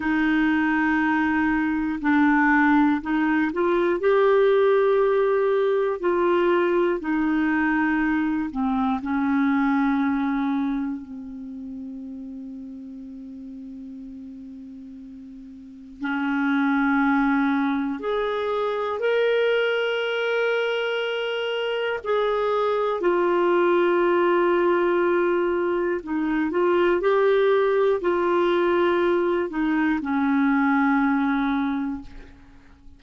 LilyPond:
\new Staff \with { instrumentName = "clarinet" } { \time 4/4 \tempo 4 = 60 dis'2 d'4 dis'8 f'8 | g'2 f'4 dis'4~ | dis'8 c'8 cis'2 c'4~ | c'1 |
cis'2 gis'4 ais'4~ | ais'2 gis'4 f'4~ | f'2 dis'8 f'8 g'4 | f'4. dis'8 cis'2 | }